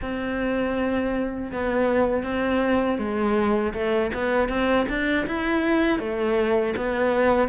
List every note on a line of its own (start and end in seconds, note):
0.01 1.51 C4
1.51 2.23 B3
2.23 2.98 C4
2.98 3.73 G#3
3.73 4.10 A3
4.14 4.49 B3
4.49 4.86 C4
4.89 5.26 D4
5.27 5.99 E4
5.99 6.74 A3
6.76 7.48 B3